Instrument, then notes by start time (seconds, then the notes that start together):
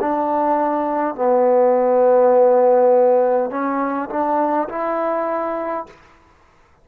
trombone
0.00 D4
1.14 B3
3.50 C#4
4.09 D4
4.68 E4